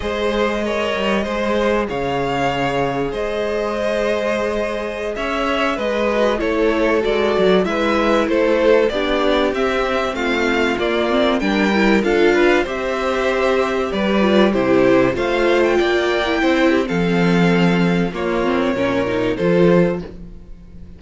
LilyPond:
<<
  \new Staff \with { instrumentName = "violin" } { \time 4/4 \tempo 4 = 96 dis''2. f''4~ | f''4 dis''2.~ | dis''16 e''4 dis''4 cis''4 d''8.~ | d''16 e''4 c''4 d''4 e''8.~ |
e''16 f''4 d''4 g''4 f''8.~ | f''16 e''2 d''4 c''8.~ | c''16 f''8. g''2 f''4~ | f''4 cis''2 c''4 | }
  \new Staff \with { instrumentName = "violin" } { \time 4/4 c''4 cis''4 c''4 cis''4~ | cis''4 c''2.~ | c''16 cis''4 b'4 a'4.~ a'16~ | a'16 b'4 a'4 g'4.~ g'16~ |
g'16 f'2 ais'4 a'8 b'16~ | b'16 c''2 b'4 g'8.~ | g'16 c''4 d''4 c''8 g'16 a'4~ | a'4 f'4 ais'4 a'4 | }
  \new Staff \with { instrumentName = "viola" } { \time 4/4 gis'4 ais'4 gis'2~ | gis'1~ | gis'4.~ gis'16 fis'8 e'4 fis'8.~ | fis'16 e'2 d'4 c'8.~ |
c'4~ c'16 ais8 c'8 d'8 e'8 f'8.~ | f'16 g'2~ g'8 f'8 e'8.~ | e'16 f'4.~ f'16 e'4 c'4~ | c'4 ais8 c'8 cis'8 dis'8 f'4 | }
  \new Staff \with { instrumentName = "cello" } { \time 4/4 gis4. g8 gis4 cis4~ | cis4 gis2.~ | gis16 cis'4 gis4 a4 gis8 fis16~ | fis16 gis4 a4 b4 c'8.~ |
c'16 a4 ais4 g4 d'8.~ | d'16 c'2 g4 c8.~ | c16 a4 ais4 c'8. f4~ | f4 ais4 ais,4 f4 | }
>>